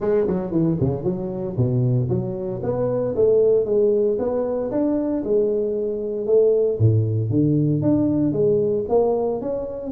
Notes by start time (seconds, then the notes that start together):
0.00 G#3
0.27 F#3
0.51 E3
0.80 C#3
1.04 F#3
1.56 B2
2.09 F#3
2.62 B3
3.15 A3
3.65 G#3
4.18 B3
4.71 D4
5.24 G#3
6.26 A3
6.78 A2
7.29 D3
7.82 D4
8.32 G#3
8.89 A#3
9.41 C#4